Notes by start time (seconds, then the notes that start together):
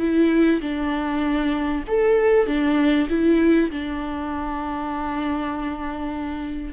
0.00 E4
0.61 D4
1.88 A4
2.47 D4
3.10 E4
3.72 D4